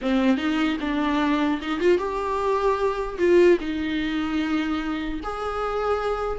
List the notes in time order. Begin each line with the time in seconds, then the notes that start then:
0.01 C4
0.37 D#4
0.80 D4
1.61 D#4
1.79 F4
1.98 G4
3.18 F4
3.60 D#4
5.23 G#4